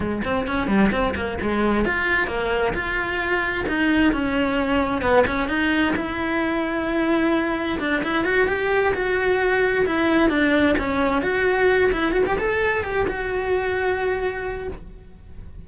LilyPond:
\new Staff \with { instrumentName = "cello" } { \time 4/4 \tempo 4 = 131 gis8 c'8 cis'8 g8 c'8 ais8 gis4 | f'4 ais4 f'2 | dis'4 cis'2 b8 cis'8 | dis'4 e'2.~ |
e'4 d'8 e'8 fis'8 g'4 fis'8~ | fis'4. e'4 d'4 cis'8~ | cis'8 fis'4. e'8 fis'16 g'16 a'4 | g'8 fis'2.~ fis'8 | }